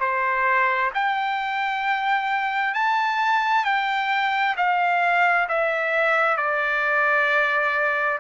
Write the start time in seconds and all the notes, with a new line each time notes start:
0.00 C5
0.95 G5
2.74 A5
3.64 G5
4.57 F5
5.49 E5
6.37 D5